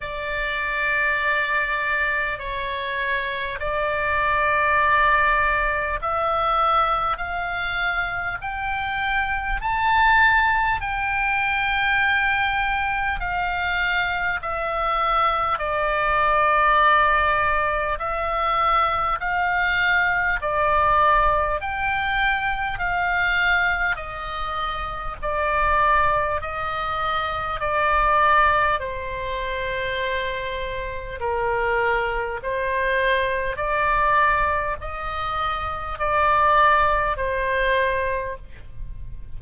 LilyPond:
\new Staff \with { instrumentName = "oboe" } { \time 4/4 \tempo 4 = 50 d''2 cis''4 d''4~ | d''4 e''4 f''4 g''4 | a''4 g''2 f''4 | e''4 d''2 e''4 |
f''4 d''4 g''4 f''4 | dis''4 d''4 dis''4 d''4 | c''2 ais'4 c''4 | d''4 dis''4 d''4 c''4 | }